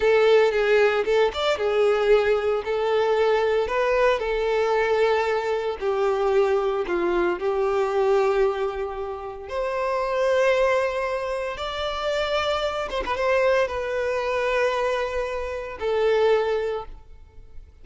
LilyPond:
\new Staff \with { instrumentName = "violin" } { \time 4/4 \tempo 4 = 114 a'4 gis'4 a'8 d''8 gis'4~ | gis'4 a'2 b'4 | a'2. g'4~ | g'4 f'4 g'2~ |
g'2 c''2~ | c''2 d''2~ | d''8 c''16 b'16 c''4 b'2~ | b'2 a'2 | }